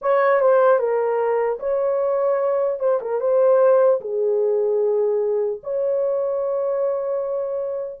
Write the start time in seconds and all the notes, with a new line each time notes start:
0.01 C#5
0.40 C5
0.78 A#4
1.59 C#5
2.79 C5
3.01 A#4
3.20 C5
4.00 G#4
5.63 C#5